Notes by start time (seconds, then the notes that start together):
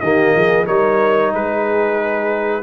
0.00 D#3 A#3 G4 D#5
0.35 F3 G#4
0.66 G3 D#4 A#4 C#5
1.33 G#3 G#4 B4